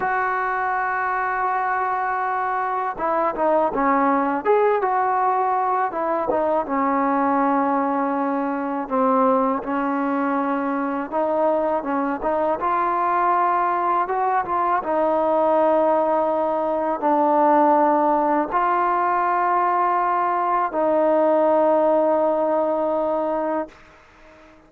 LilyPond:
\new Staff \with { instrumentName = "trombone" } { \time 4/4 \tempo 4 = 81 fis'1 | e'8 dis'8 cis'4 gis'8 fis'4. | e'8 dis'8 cis'2. | c'4 cis'2 dis'4 |
cis'8 dis'8 f'2 fis'8 f'8 | dis'2. d'4~ | d'4 f'2. | dis'1 | }